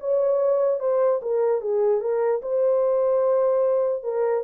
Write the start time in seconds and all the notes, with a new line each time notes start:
0.00 C#5
0.80 C5
1.22 A#4
1.61 G#4
2.01 A#4
2.42 C5
4.04 A#4